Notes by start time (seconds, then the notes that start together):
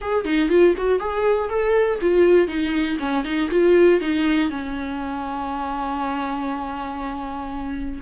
0.01 G#4
0.25 D#4
0.49 F4
0.77 F#4
0.99 G#4
1.49 A4
2.01 F4
2.47 D#4
2.99 C#4
3.24 D#4
3.50 F4
4.00 D#4
4.50 C#4